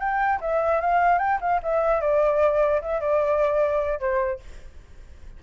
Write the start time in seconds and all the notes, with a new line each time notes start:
0.00 G5
0.41 E5
0.81 F5
1.19 G5
1.41 F5
1.63 E5
2.01 D5
2.82 E5
3.01 D5
4.00 C5